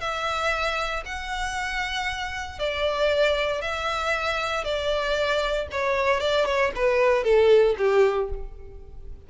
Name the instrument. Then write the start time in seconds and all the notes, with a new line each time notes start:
violin
0.00 E5
1.06 F#5
2.59 D5
3.61 E5
4.64 D5
5.71 C#5
6.20 D5
6.46 C#5
6.75 B4
7.24 A4
7.78 G4